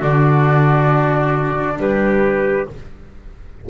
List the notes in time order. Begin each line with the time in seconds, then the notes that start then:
0.00 D3 D4 F#4 D5
1.77 G3 G4 B4